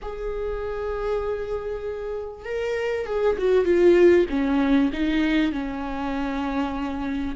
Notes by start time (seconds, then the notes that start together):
0.01 G#4
2.44 A#4
3.06 G#4
3.38 F#4
3.64 F4
4.29 C#4
4.92 D#4
5.52 C#4